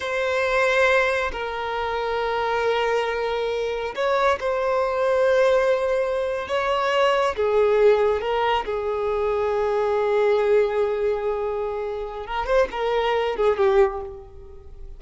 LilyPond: \new Staff \with { instrumentName = "violin" } { \time 4/4 \tempo 4 = 137 c''2. ais'4~ | ais'1~ | ais'4 cis''4 c''2~ | c''2~ c''8. cis''4~ cis''16~ |
cis''8. gis'2 ais'4 gis'16~ | gis'1~ | gis'1 | ais'8 c''8 ais'4. gis'8 g'4 | }